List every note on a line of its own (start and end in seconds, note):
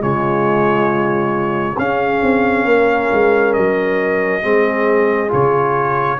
0.00 1.78 C#3
0.00 1.76 G#3
0.00 1.78 F4
0.00 1.79 C#5
1.78 2.22 C#4
1.78 4.42 C#4
1.78 2.67 G#4
1.78 3.54 F5
2.23 2.65 C4
2.65 3.09 A#3
2.65 4.43 A#4
3.12 3.56 G#3
3.54 4.44 F#3
3.54 5.30 D#5
4.42 5.33 G#3
4.42 5.28 C4
4.42 6.19 G#4
5.28 6.20 C#3
5.28 6.17 F4
5.28 6.20 C#5